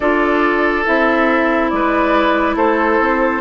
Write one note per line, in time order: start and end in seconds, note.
0.00 0.85 D4
0.00 0.85 F4
0.00 1.70 A4
0.00 0.85 D5
0.85 1.72 C4
0.85 3.41 E4
0.85 1.69 E5
1.69 2.55 G#3
1.69 2.56 B4
1.69 2.55 D5
2.55 2.98 A3
2.55 3.41 A4
2.55 3.41 C5
2.99 3.41 C4